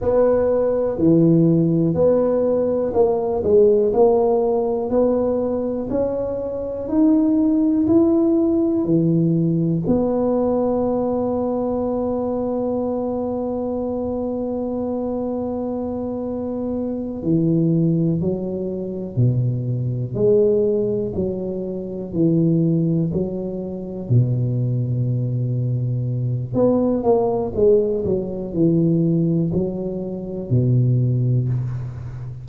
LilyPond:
\new Staff \with { instrumentName = "tuba" } { \time 4/4 \tempo 4 = 61 b4 e4 b4 ais8 gis8 | ais4 b4 cis'4 dis'4 | e'4 e4 b2~ | b1~ |
b4. e4 fis4 b,8~ | b,8 gis4 fis4 e4 fis8~ | fis8 b,2~ b,8 b8 ais8 | gis8 fis8 e4 fis4 b,4 | }